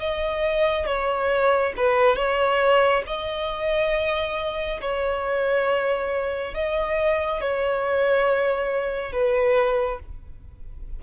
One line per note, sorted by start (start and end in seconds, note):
0.00 0.87 D#5
0.87 1.74 C#5
1.77 2.17 B4
2.17 3.04 C#5
3.07 4.81 D#5
4.81 6.55 C#5
6.55 7.42 D#5
7.42 9.13 C#5
9.13 10.00 B4